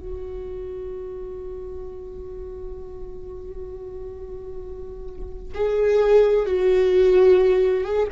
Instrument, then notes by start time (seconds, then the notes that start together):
viola
0.00 F#4
5.55 G#4
6.47 F#4
7.85 G#4